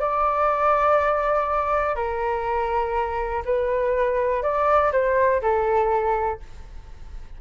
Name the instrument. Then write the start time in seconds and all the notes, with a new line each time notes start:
flute
0.00 D5
1.96 A#4
3.45 B4
4.43 D5
4.92 C5
5.42 A4